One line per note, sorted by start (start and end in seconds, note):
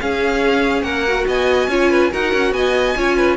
0.00 1.07 C#4
0.00 0.82 C#4
0.00 0.85 G#4
0.00 0.83 F5
0.82 1.24 A#3
0.82 1.27 A#4
0.82 1.25 F#5
1.07 1.70 F#4
1.27 1.67 B3
1.27 1.70 D#5
1.27 2.13 G#5
1.67 2.09 C#4
1.67 2.11 F4
1.67 1.90 C#5
1.90 2.11 B4
2.11 2.33 D#4
2.11 2.96 F#4
2.11 2.53 A#4
2.11 2.53 F#5
2.33 2.52 C#4
2.52 2.94 B3
2.52 2.97 D#5
2.52 3.36 G#5
2.97 3.36 C#4
2.97 3.36 F4
2.97 3.16 C#5
3.16 3.36 B4